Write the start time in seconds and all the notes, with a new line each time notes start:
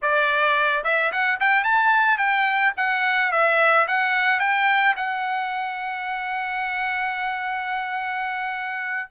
0.02 D5
0.84 E5
1.12 F#5
1.40 G5
1.64 A5
2.17 G5
2.76 F#5
3.31 E5
3.87 F#5
4.39 G5
4.96 F#5